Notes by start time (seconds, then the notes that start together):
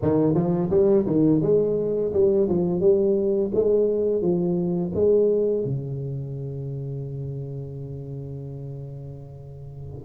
0.02 D#3
0.34 F3
0.70 G3
1.06 D#3
1.42 G#3
2.13 G3
2.48 F3
2.80 G3
3.54 G#3
4.21 F3
4.94 G#3
5.64 C#3